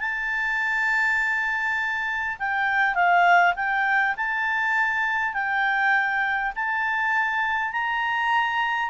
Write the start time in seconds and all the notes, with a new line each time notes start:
0.00 A5
2.40 G5
2.95 F5
3.56 G5
4.17 A5
5.34 G5
6.55 A5
7.73 A#5